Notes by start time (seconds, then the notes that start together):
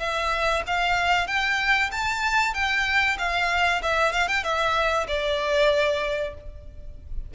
0.00 E5
0.67 F5
1.28 G5
1.92 A5
2.54 G5
3.19 F5
3.83 E5
4.13 F5
4.28 G5
4.44 E5
5.08 D5